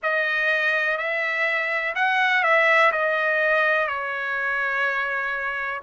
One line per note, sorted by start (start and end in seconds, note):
0.03 0.97 D#5
0.97 1.94 E5
1.95 2.43 F#5
2.43 2.91 E5
2.92 3.87 D#5
3.87 5.81 C#5